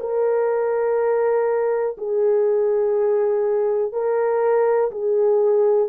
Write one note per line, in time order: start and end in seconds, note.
0.00 1.97 A#4
1.97 3.93 G#4
3.93 4.91 A#4
4.91 5.88 G#4